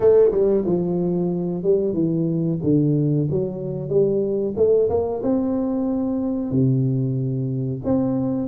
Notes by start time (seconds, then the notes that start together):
0.00 A3
0.31 G3
0.65 F3
1.63 G3
1.93 E3
2.63 D3
3.30 F#3
3.89 G3
4.56 A3
4.89 A#3
5.23 C4
6.51 C3
7.84 C4